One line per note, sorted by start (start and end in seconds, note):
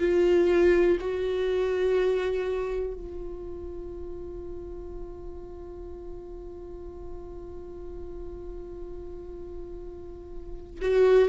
0.00 0.98 F4
1.00 2.94 F#4
2.94 10.81 F4
10.82 11.29 F#4